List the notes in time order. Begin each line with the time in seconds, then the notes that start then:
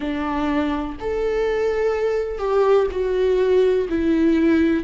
0.00 D4
0.99 A4
2.38 G4
2.91 F#4
3.89 E4